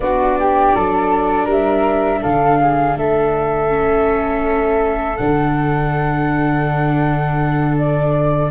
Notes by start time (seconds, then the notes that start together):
0.00 B3 D4 F#4 D5
0.39 G4
0.74 F#3 A4
1.45 G3 A#4 E5
2.21 D3 A4 F5
2.59 G#4
2.96 A3 A4 E5
3.68 C#4
5.17 D3 D4 F#5
7.77 D5